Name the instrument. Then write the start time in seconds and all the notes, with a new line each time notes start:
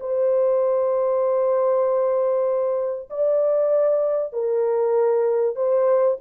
horn
0.00 C5
3.10 D5
4.33 A#4
5.56 C5